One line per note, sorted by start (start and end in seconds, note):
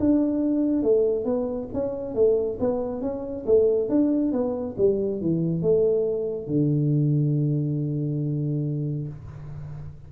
0.00 0.83 D4
0.83 1.25 A3
1.25 1.68 B3
1.74 2.15 C#4
2.15 2.58 A3
2.60 3.02 B3
3.02 3.45 C#4
3.46 3.89 A3
3.89 4.32 D4
4.32 4.76 B3
4.78 5.21 G3
5.21 5.62 E3
5.62 6.47 A3
6.47 9.08 D3